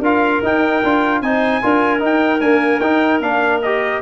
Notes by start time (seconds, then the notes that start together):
0.00 D4 F4 A#4 F5
0.43 D#4 G5
0.84 D4 F4
1.22 C4 D#4 C5 G#5
1.63 D4 F4 A#4
1.99 D#4 G5
2.41 A#3 D4 G#5
2.80 D#4 G5
3.21 A#3 D4 F5
3.62 G4 D#5